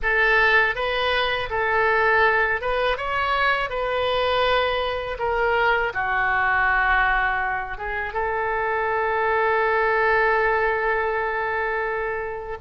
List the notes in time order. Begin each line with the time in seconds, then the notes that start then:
0.02 A4
0.75 B4
1.50 A4
2.61 B4
2.97 C#5
3.69 B4
5.18 A#4
5.93 F#4
7.77 G#4
8.13 A4